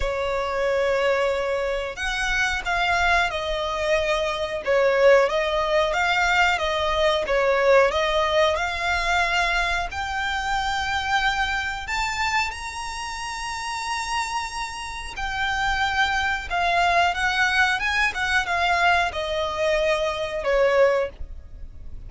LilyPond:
\new Staff \with { instrumentName = "violin" } { \time 4/4 \tempo 4 = 91 cis''2. fis''4 | f''4 dis''2 cis''4 | dis''4 f''4 dis''4 cis''4 | dis''4 f''2 g''4~ |
g''2 a''4 ais''4~ | ais''2. g''4~ | g''4 f''4 fis''4 gis''8 fis''8 | f''4 dis''2 cis''4 | }